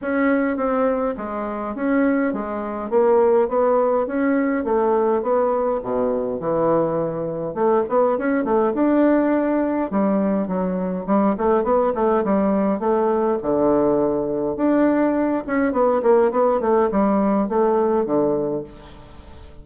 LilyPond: \new Staff \with { instrumentName = "bassoon" } { \time 4/4 \tempo 4 = 103 cis'4 c'4 gis4 cis'4 | gis4 ais4 b4 cis'4 | a4 b4 b,4 e4~ | e4 a8 b8 cis'8 a8 d'4~ |
d'4 g4 fis4 g8 a8 | b8 a8 g4 a4 d4~ | d4 d'4. cis'8 b8 ais8 | b8 a8 g4 a4 d4 | }